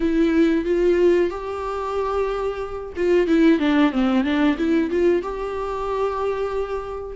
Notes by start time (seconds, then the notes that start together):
0.00 E4
0.64 F4
1.30 G4
2.96 F4
3.27 E4
3.59 D4
3.91 C4
4.24 D4
4.57 E4
4.90 F4
5.22 G4